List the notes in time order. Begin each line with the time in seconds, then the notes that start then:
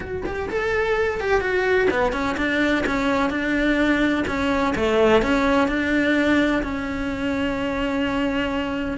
0.00 F#4
0.25 G4
0.49 A4
1.20 G4
1.40 F#4
1.90 B3
2.12 C#4
2.37 D4
2.86 C#4
3.29 D4
4.27 C#4
4.75 A3
5.22 C#4
5.68 D4
6.62 C#4